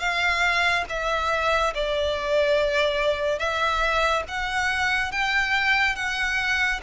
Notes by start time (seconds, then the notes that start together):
0.00 F5
0.89 E5
1.74 D5
3.39 E5
4.28 F#5
5.12 G5
5.96 F#5